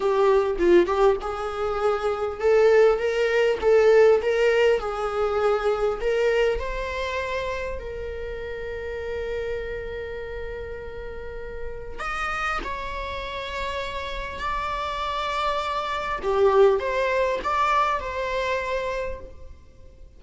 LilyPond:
\new Staff \with { instrumentName = "viola" } { \time 4/4 \tempo 4 = 100 g'4 f'8 g'8 gis'2 | a'4 ais'4 a'4 ais'4 | gis'2 ais'4 c''4~ | c''4 ais'2.~ |
ais'1 | dis''4 cis''2. | d''2. g'4 | c''4 d''4 c''2 | }